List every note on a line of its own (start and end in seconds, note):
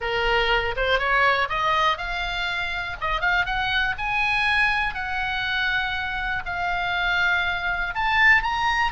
0.00 0.75 A#4
0.76 0.98 C5
0.98 1.48 C#5
1.49 1.97 D#5
1.97 2.96 F5
3.00 3.20 D#5
3.20 3.45 F5
3.45 3.95 F#5
3.98 4.94 G#5
4.94 6.43 F#5
6.45 7.94 F5
7.95 8.43 A5
8.43 8.92 A#5